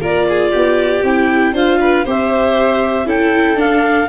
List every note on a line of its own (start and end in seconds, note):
0.00 0.51 A#3
0.00 1.02 F4
0.00 0.26 A#4
0.00 1.04 D5
0.29 0.51 G#4
0.51 1.03 B3
0.51 1.52 G4
1.03 1.53 C4
1.03 1.54 E4
1.03 1.55 G5
1.53 2.04 D4
1.53 2.05 F4
1.53 1.79 C5
1.53 2.06 F5
1.80 2.05 B4
2.05 3.05 C4
2.05 3.06 G4
2.05 3.06 C5
2.05 3.09 E5
3.05 3.56 C#4
3.05 3.56 E4
3.05 4.08 A4
3.05 3.59 G5
3.56 4.07 D4
3.56 4.09 F5